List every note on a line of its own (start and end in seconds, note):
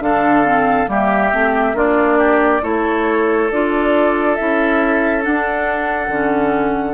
0.00 0.87 D3
0.00 0.45 D4
0.00 0.90 A4
0.00 0.89 F5
0.45 0.87 C4
0.87 1.31 G3
0.87 1.31 A#3
0.87 1.76 G4
0.87 1.78 E5
1.33 1.73 A3
1.33 1.75 C4
1.73 2.60 A#3
1.73 2.62 D4
1.73 2.18 F4
1.73 2.63 D5
2.18 2.62 G4
2.62 3.51 A3
2.62 3.49 E4
2.62 6.93 A4
2.62 3.50 C#5
3.51 4.38 D4
3.51 4.38 F4
3.51 4.35 D5
4.35 5.26 C#4
4.35 5.23 E4
4.35 5.22 E5
5.23 6.10 D4
5.23 6.08 D4
5.23 6.93 F#5
6.08 6.93 D3
6.08 6.93 C#4